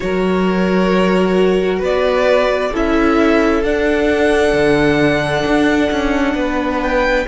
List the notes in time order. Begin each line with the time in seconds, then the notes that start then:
0.00 F#3 F#4 A#4 C#5
1.79 B3 B4 D5
2.71 C#4 E4 A4 E5
3.63 D4 F#5
4.53 D3
5.45 D4
5.91 C#4
6.34 B3 B4
6.82 G5